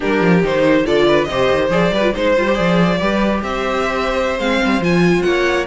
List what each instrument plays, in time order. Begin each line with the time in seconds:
0.00 cello G3, viola D4, violin G4 A#4
0.20 cello F3
0.42 cello D#3, viola D#4, violin C5
0.85 cello D3, viola F4, violin A4 D5
1.07 violin B4
1.24 cello C3, viola G4, violin D#5
1.31 violin C5
1.51 cello D#3
1.70 cello F3, viola G#4, violin D5
1.90 cello G3, viola G4, violin B4
2.02 viola F4
2.13 cello G#3, viola D#4, violin C5
2.37 cello G3, viola F4
2.47 viola G4
2.54 cello F3, viola G#4, violin D5
3.00 cello G3, viola G4, violin B4
3.43 cello C4, violin C5 E5
4.38 cello G#3, viola C4, violin F5
4.64 cello G3
4.79 cello F3, viola F4, violin G#5
5.22 cello A#3, violin C#5 F#5